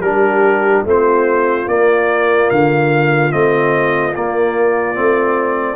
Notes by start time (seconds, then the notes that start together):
0.00 G3 D4 G4 A#4
0.85 A3 C4 F4 C5
1.67 A#3 D5
2.50 D3 F5
3.32 A3 C4 D#5
4.15 A#3 D5
4.95 A3 C4